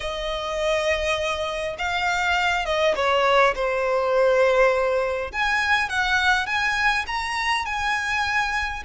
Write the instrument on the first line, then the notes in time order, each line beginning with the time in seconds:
violin
0.00 D#5
1.78 F5
2.65 D#5
2.95 C#5
3.55 C5
5.32 G#5
5.89 F#5
6.46 G#5
7.06 A#5
7.65 G#5